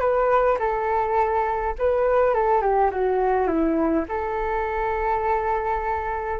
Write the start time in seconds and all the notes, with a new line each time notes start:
0.00 B4
0.59 A4
1.79 B4
2.34 A4
2.61 G4
2.91 F#4
3.47 E4
4.09 A4